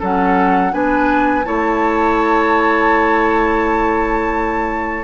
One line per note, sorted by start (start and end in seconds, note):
0.00 0.73 F#3
0.00 0.72 C#4
0.00 0.72 A4
0.00 0.73 F#5
0.72 1.45 B3
0.72 1.44 D4
0.72 1.46 B4
0.72 1.45 G#5
1.45 5.04 A3
1.45 5.04 E4
1.45 5.04 C#5
1.45 5.04 A5